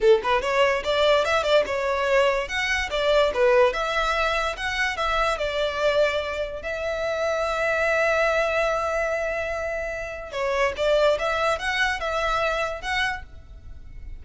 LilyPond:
\new Staff \with { instrumentName = "violin" } { \time 4/4 \tempo 4 = 145 a'8 b'8 cis''4 d''4 e''8 d''8 | cis''2 fis''4 d''4 | b'4 e''2 fis''4 | e''4 d''2. |
e''1~ | e''1~ | e''4 cis''4 d''4 e''4 | fis''4 e''2 fis''4 | }